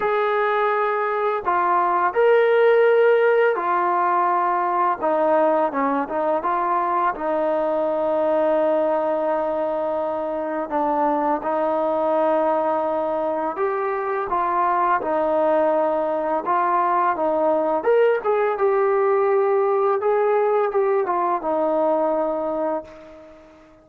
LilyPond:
\new Staff \with { instrumentName = "trombone" } { \time 4/4 \tempo 4 = 84 gis'2 f'4 ais'4~ | ais'4 f'2 dis'4 | cis'8 dis'8 f'4 dis'2~ | dis'2. d'4 |
dis'2. g'4 | f'4 dis'2 f'4 | dis'4 ais'8 gis'8 g'2 | gis'4 g'8 f'8 dis'2 | }